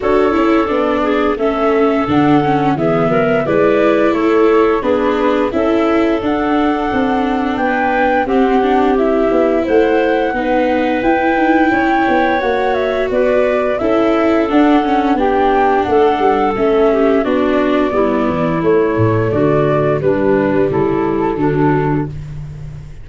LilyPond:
<<
  \new Staff \with { instrumentName = "flute" } { \time 4/4 \tempo 4 = 87 cis''4 d''4 e''4 fis''4 | e''4 d''4 cis''4 b'4 | e''4 fis''2 g''4 | fis''4 e''4 fis''2 |
g''2 fis''8 e''8 d''4 | e''4 fis''4 g''4 fis''4 | e''4 d''2 cis''4 | d''4 b'4 a'2 | }
  \new Staff \with { instrumentName = "clarinet" } { \time 4/4 a'4. gis'8 a'2 | gis'8 ais'8 b'4 a'4 gis'4 | a'2. b'4 | g'2 c''4 b'4~ |
b'4 cis''2 b'4 | a'2 g'4 a'4~ | a'8 g'8 fis'4 e'2 | fis'4 d'4 e'4 d'4 | }
  \new Staff \with { instrumentName = "viola" } { \time 4/4 fis'8 e'8 d'4 cis'4 d'8 cis'8 | b4 e'2 d'4 | e'4 d'2. | c'8 d'8 e'2 dis'4 |
e'2 fis'2 | e'4 d'8 cis'8 d'2 | cis'4 d'4 b4 a4~ | a4 g2 fis4 | }
  \new Staff \with { instrumentName = "tuba" } { \time 4/4 d'8 cis'8 b4 a4 d4 | e8 fis8 gis4 a4 b4 | cis'4 d'4 c'4 b4 | c'4. b8 a4 b4 |
e'8 dis'8 cis'8 b8 ais4 b4 | cis'4 d'4 b4 a8 g8 | a4 b4 g8 e8 a8 a,8 | d4 g4 cis4 d4 | }
>>